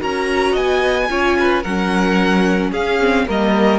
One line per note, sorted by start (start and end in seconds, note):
0.00 0.57 C#4
0.00 1.08 F#4
0.00 0.52 A#4
0.00 0.57 A#5
0.52 1.10 B3
0.52 1.06 D#5
0.52 1.64 G#5
1.10 1.64 C#4
1.10 1.64 F4
1.10 1.38 C#5
1.40 1.63 B4
1.63 2.73 F#3
1.63 3.01 C#4
1.63 2.71 A#4
1.63 2.72 F#5
2.72 3.27 C#4
2.72 3.26 G#4
2.72 3.28 F5
3.01 3.27 C4
3.27 3.80 G3
3.27 3.80 A#3
3.27 3.80 A#4
3.27 3.80 D#5